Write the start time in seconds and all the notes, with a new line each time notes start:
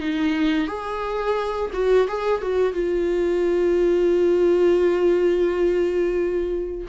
0.00 D#4
0.67 G#4
1.73 F#4
2.08 G#4
2.41 F#4
2.73 F4